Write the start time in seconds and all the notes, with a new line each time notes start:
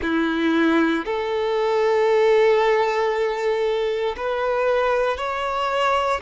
0.02 E4
1.05 A4
4.17 B4
5.17 C#5